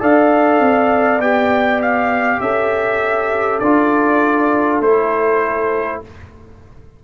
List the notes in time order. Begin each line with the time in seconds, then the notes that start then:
0.00 D4 A4 D5 F5
0.60 C4
1.19 B3 G4 G5
1.82 F5
2.41 C#4 A4 E5
3.60 D4 F4 D5
4.81 A3 E4 C5